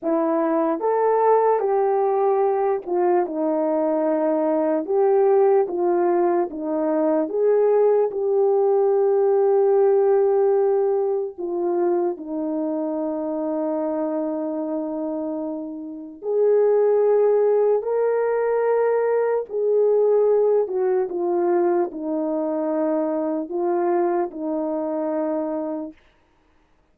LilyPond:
\new Staff \with { instrumentName = "horn" } { \time 4/4 \tempo 4 = 74 e'4 a'4 g'4. f'8 | dis'2 g'4 f'4 | dis'4 gis'4 g'2~ | g'2 f'4 dis'4~ |
dis'1 | gis'2 ais'2 | gis'4. fis'8 f'4 dis'4~ | dis'4 f'4 dis'2 | }